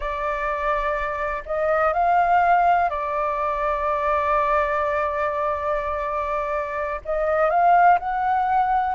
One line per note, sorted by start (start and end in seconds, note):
0.00 1.43 D5
1.45 1.93 D#5
1.93 2.89 F5
2.89 7.00 D5
7.04 7.50 D#5
7.50 7.98 F5
7.99 8.95 F#5